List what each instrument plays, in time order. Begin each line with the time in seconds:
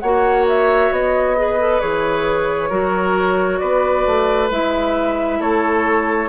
0.00 bassoon A#3, clarinet F#4, oboe C#5, flute F#5
0.49 flute E5
0.91 bassoon B3, flute D#5
1.36 clarinet G#4, oboe B4
1.60 clarinet A4
1.81 bassoon E3, clarinet G#4, flute C#5
2.70 bassoon F#3, clarinet F#4, oboe A#4
3.59 bassoon B3, oboe B4, flute D5
4.06 bassoon A3
4.51 bassoon G#3, clarinet E4, flute E5
5.40 bassoon A3, oboe A4, flute C#5